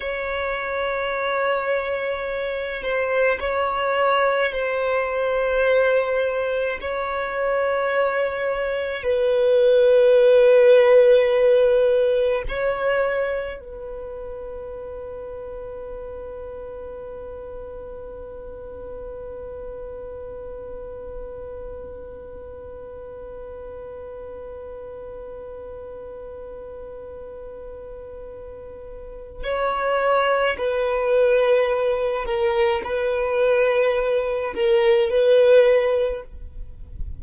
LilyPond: \new Staff \with { instrumentName = "violin" } { \time 4/4 \tempo 4 = 53 cis''2~ cis''8 c''8 cis''4 | c''2 cis''2 | b'2. cis''4 | b'1~ |
b'1~ | b'1~ | b'2 cis''4 b'4~ | b'8 ais'8 b'4. ais'8 b'4 | }